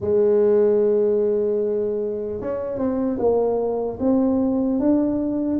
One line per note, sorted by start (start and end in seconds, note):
0.00 2.40 G#3
2.40 2.78 C#4
2.78 3.18 C4
3.19 3.99 A#3
3.99 4.79 C4
4.79 5.59 D4